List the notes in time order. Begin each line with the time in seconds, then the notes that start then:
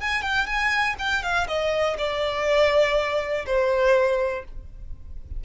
0.00 G#5
0.22 G5
0.46 G#5
0.98 G5
1.22 F5
1.47 D#5
1.98 D5
3.46 C5